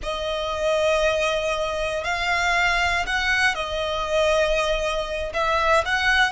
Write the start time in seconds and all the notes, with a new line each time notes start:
0.03 D#5
2.03 F5
3.06 F#5
3.55 D#5
5.33 E5
5.85 F#5